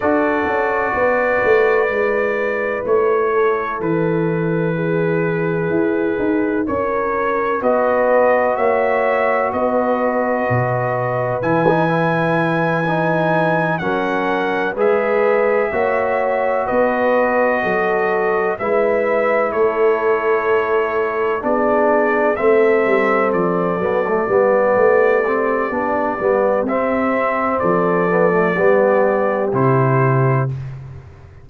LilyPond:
<<
  \new Staff \with { instrumentName = "trumpet" } { \time 4/4 \tempo 4 = 63 d''2. cis''4 | b'2. cis''4 | dis''4 e''4 dis''2 | gis''2~ gis''8 fis''4 e''8~ |
e''4. dis''2 e''8~ | e''8 cis''2 d''4 e''8~ | e''8 d''2.~ d''8 | e''4 d''2 c''4 | }
  \new Staff \with { instrumentName = "horn" } { \time 4/4 a'4 b'2~ b'8 a'8~ | a'4 gis'2 ais'4 | b'4 cis''4 b'2~ | b'2~ b'8 ais'4 b'8~ |
b'8 cis''4 b'4 a'4 b'8~ | b'8 a'2 gis'4 a'8~ | a'4. g'2~ g'8~ | g'4 a'4 g'2 | }
  \new Staff \with { instrumentName = "trombone" } { \time 4/4 fis'2 e'2~ | e'1 | fis'1 | e'16 dis'16 e'4 dis'4 cis'4 gis'8~ |
gis'8 fis'2. e'8~ | e'2~ e'8 d'4 c'8~ | c'4 b16 a16 b4 c'8 d'8 b8 | c'4. b16 a16 b4 e'4 | }
  \new Staff \with { instrumentName = "tuba" } { \time 4/4 d'8 cis'8 b8 a8 gis4 a4 | e2 e'8 dis'8 cis'4 | b4 ais4 b4 b,4 | e2~ e8 fis4 gis8~ |
gis8 ais4 b4 fis4 gis8~ | gis8 a2 b4 a8 | g8 f8 fis8 g8 a4 b8 g8 | c'4 f4 g4 c4 | }
>>